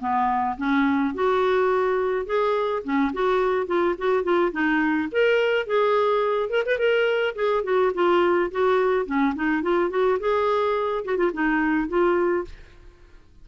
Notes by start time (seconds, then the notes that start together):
0.00 B3
0.58 C#4
1.15 F#4
2.26 G#4
2.84 C#4
3.13 F#4
3.67 F4
3.98 F#4
4.23 F4
4.52 D#4
5.11 A#4
5.67 G#4
6.50 A#4
6.66 B4
6.78 A#4
7.35 G#4
7.64 F#4
7.94 F4
8.51 F#4
9.06 C#4
9.36 D#4
9.62 F4
9.90 F#4
10.20 G#4
11.05 F#4
11.17 F4
11.33 D#4
11.88 F4